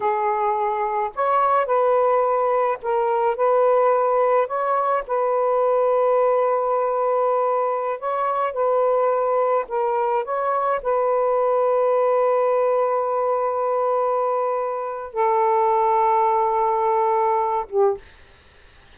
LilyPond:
\new Staff \with { instrumentName = "saxophone" } { \time 4/4 \tempo 4 = 107 gis'2 cis''4 b'4~ | b'4 ais'4 b'2 | cis''4 b'2.~ | b'2~ b'16 cis''4 b'8.~ |
b'4~ b'16 ais'4 cis''4 b'8.~ | b'1~ | b'2. a'4~ | a'2.~ a'8 g'8 | }